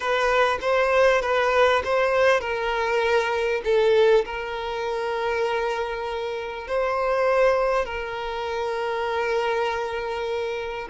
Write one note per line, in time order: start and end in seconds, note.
0.00 0.58 B4
0.61 1.21 C5
1.21 1.82 B4
1.84 2.40 C5
2.40 3.61 A#4
3.64 4.25 A4
4.25 6.67 A#4
6.67 7.85 C5
7.85 10.88 A#4